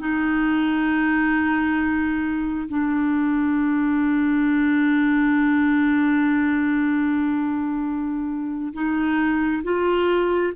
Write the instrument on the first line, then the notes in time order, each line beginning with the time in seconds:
clarinet
0.00 D#4
2.69 D4
8.74 D#4
9.64 F4